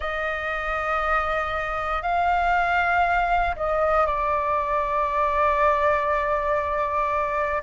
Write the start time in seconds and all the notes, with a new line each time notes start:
0.00 D#5
2.02 F5
3.55 D#5
4.06 D5